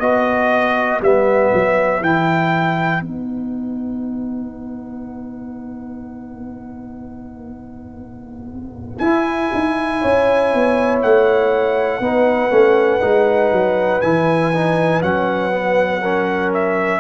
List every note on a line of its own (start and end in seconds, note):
0.00 1.01 B3
0.00 1.02 F#4
0.00 10.00 B4
0.00 1.01 D#5
1.02 1.52 G3
1.02 2.03 B3
1.02 2.04 E5
1.54 2.01 F#3
2.01 3.01 E3
2.01 3.02 E4
2.01 3.03 G5
3.01 9.01 B3
3.01 9.02 D#4
3.01 8.99 F#5
8.99 9.51 E4
8.99 12.02 E4
8.99 10.99 G#5
9.54 10.04 D#4
10.02 10.54 C#4
10.02 12.02 C#5
10.55 11.04 B3
11.03 12.01 A3
11.03 14.02 F#5
12.01 12.51 B3
12.01 12.51 D#4
12.01 16.02 B4
12.51 13.02 A3
12.51 13.01 C#4
13.01 13.52 G#3
13.01 14.01 D#4
13.52 14.02 F#3
14.02 15.03 E3
14.02 14.54 E4
14.02 15.02 G#5
14.55 15.03 D#4
15.03 17.01 F#3
15.03 15.51 C#4
15.03 16.53 F#5
15.51 16.01 B3
16.02 17.01 C#4
16.02 17.01 A#4
16.54 17.01 E5